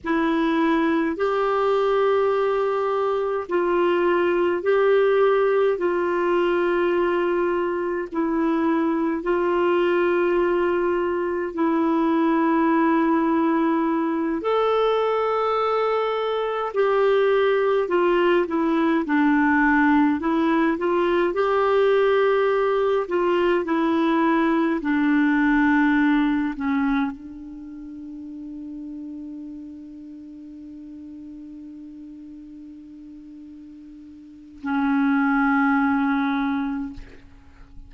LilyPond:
\new Staff \with { instrumentName = "clarinet" } { \time 4/4 \tempo 4 = 52 e'4 g'2 f'4 | g'4 f'2 e'4 | f'2 e'2~ | e'8 a'2 g'4 f'8 |
e'8 d'4 e'8 f'8 g'4. | f'8 e'4 d'4. cis'8 d'8~ | d'1~ | d'2 cis'2 | }